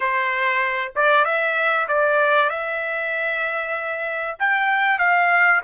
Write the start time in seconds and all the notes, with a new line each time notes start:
0.00 C5
0.95 D5
1.24 E5
1.88 D5
2.49 E5
4.39 G5
4.98 F5